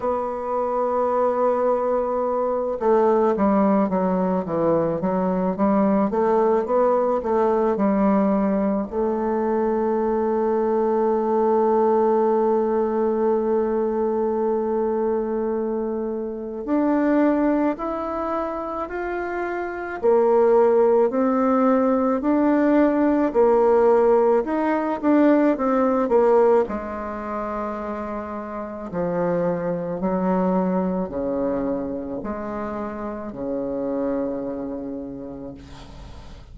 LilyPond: \new Staff \with { instrumentName = "bassoon" } { \time 4/4 \tempo 4 = 54 b2~ b8 a8 g8 fis8 | e8 fis8 g8 a8 b8 a8 g4 | a1~ | a2. d'4 |
e'4 f'4 ais4 c'4 | d'4 ais4 dis'8 d'8 c'8 ais8 | gis2 f4 fis4 | cis4 gis4 cis2 | }